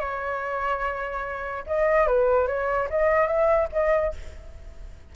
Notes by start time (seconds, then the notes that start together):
0.00 C#5
1.67 D#5
2.07 B4
2.48 C#5
2.90 D#5
3.27 E5
3.72 D#5